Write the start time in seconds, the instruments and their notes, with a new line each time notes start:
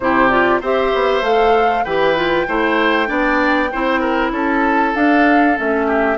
0.00 bassoon C3, clarinet E4, oboe G4, flute C5
0.29 clarinet F4, flute D5
0.60 bassoon C4, clarinet G4, oboe C5, flute E5
0.94 bassoon B3
1.21 bassoon A3, clarinet A4, flute F5
1.84 bassoon E3, clarinet G4, oboe B4, flute G5
2.15 clarinet F4
2.47 bassoon A3, clarinet E4, oboe C5
3.06 bassoon B3, clarinet D4, oboe D5
3.72 bassoon C4, clarinet E4, oboe C5
4.00 oboe A#4
4.31 bassoon C#4, oboe A4, flute A5
4.95 bassoon D4, clarinet D4, flute F5
5.55 bassoon A3, clarinet C#4, flute E5
5.86 oboe G4